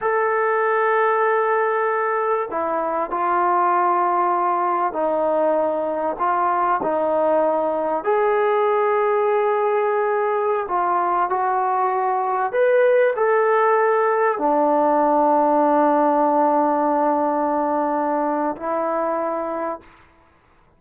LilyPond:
\new Staff \with { instrumentName = "trombone" } { \time 4/4 \tempo 4 = 97 a'1 | e'4 f'2. | dis'2 f'4 dis'4~ | dis'4 gis'2.~ |
gis'4~ gis'16 f'4 fis'4.~ fis'16~ | fis'16 b'4 a'2 d'8.~ | d'1~ | d'2 e'2 | }